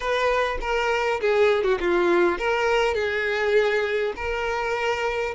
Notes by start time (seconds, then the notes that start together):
0.00 B4
0.60 A#4
1.20 G#4
1.63 F#4
1.80 F4
2.38 A#4
2.94 G#4
4.16 A#4